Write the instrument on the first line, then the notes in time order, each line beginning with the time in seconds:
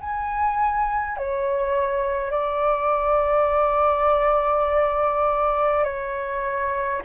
flute
0.00 G#5
1.17 C#5
2.31 D5
5.84 C#5